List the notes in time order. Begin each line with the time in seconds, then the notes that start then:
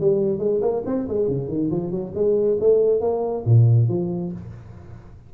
0.00 G3
0.39 G#3
0.61 A#3
0.85 C4
1.08 G#3
1.28 C#3
1.48 D#3
1.71 F3
1.91 F#3
2.14 G#3
2.60 A3
3.00 A#3
3.45 A#2
3.89 F3